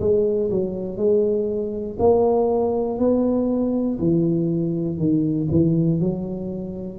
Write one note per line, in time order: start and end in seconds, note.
0.00 0.50 G#3
0.50 0.97 F#3
0.97 1.97 G#3
1.99 2.98 A#3
2.98 3.98 B3
3.99 4.98 E3
4.98 5.48 D#3
5.51 6.00 E3
6.00 6.99 F#3